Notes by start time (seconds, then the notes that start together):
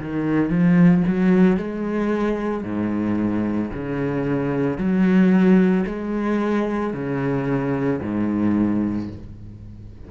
0.00 D#3
0.50 F3
1.07 F#3
1.57 G#3
2.64 G#2
3.74 C#3
4.78 F#3
5.87 G#3
6.94 C#3
8.02 G#2